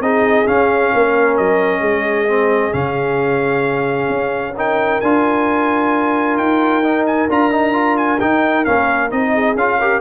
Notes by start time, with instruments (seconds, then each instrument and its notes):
0.00 tuba C4, trombone D#4, horn G#4, trumpet D#5
0.46 trombone C#4, tuba C#4, trumpet F5
0.94 tuba A#3, horn A#4
1.37 tuba F#3, trumpet D#5
1.81 tuba G#3, horn G#4
2.28 trombone C4
2.72 tuba C#3, trombone C#4, trumpet F5
4.09 tuba C#4
4.57 trombone D#4, horn A#4, trumpet G5
5.01 tuba D4, trombone F4, trumpet G#5
6.37 tuba D#4, trumpet G5
6.83 trombone D#4
7.06 trumpet G#5
7.29 tuba D4, trombone F4, trumpet A#5
7.51 trombone D#4
7.73 trombone F4
7.97 trumpet G#5
8.20 trombone D#4, tuba D#4, trumpet G5
8.65 tuba A#3, trombone C#4, trumpet F5
9.11 tuba C4, trombone D#4, trumpet D#5
9.34 horn G#4
9.55 tuba C#4, trombone F4, trumpet F5
9.79 trombone G4, horn A#4